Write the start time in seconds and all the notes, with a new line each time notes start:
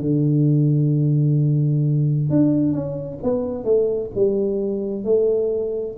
0.00 D3
2.30 D4
2.73 C#4
3.23 B3
3.65 A3
4.15 G3
5.05 A3